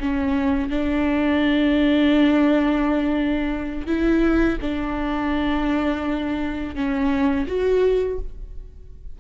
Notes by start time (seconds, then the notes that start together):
0.00 C#4
0.70 D4
3.87 E4
4.61 D4
6.75 C#4
7.47 F#4